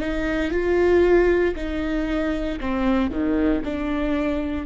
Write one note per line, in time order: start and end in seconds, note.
0.00 0.51 D#4
0.51 1.55 F4
1.56 2.60 D#4
2.60 3.11 C4
3.11 3.63 D#3
3.64 4.66 D4